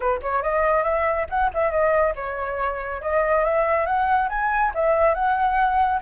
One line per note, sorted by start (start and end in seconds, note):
0.00 0.20 B4
0.21 0.42 C#5
0.42 0.83 D#5
0.83 1.26 E5
1.29 1.50 F#5
1.54 1.71 E5
1.71 2.14 D#5
2.15 3.01 C#5
3.01 3.44 D#5
3.44 3.86 E5
3.86 4.28 F#5
4.29 4.72 G#5
4.74 5.14 E5
5.14 6.00 F#5